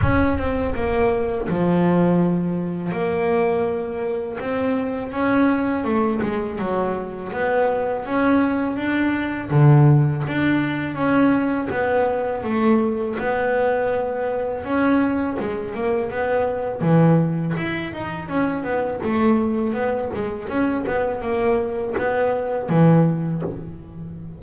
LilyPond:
\new Staff \with { instrumentName = "double bass" } { \time 4/4 \tempo 4 = 82 cis'8 c'8 ais4 f2 | ais2 c'4 cis'4 | a8 gis8 fis4 b4 cis'4 | d'4 d4 d'4 cis'4 |
b4 a4 b2 | cis'4 gis8 ais8 b4 e4 | e'8 dis'8 cis'8 b8 a4 b8 gis8 | cis'8 b8 ais4 b4 e4 | }